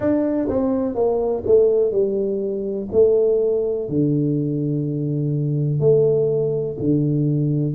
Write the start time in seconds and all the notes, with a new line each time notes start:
0.00 D4
0.48 C4
0.95 A#3
1.46 A3
1.91 G3
2.92 A3
3.88 D3
5.80 A3
6.79 D3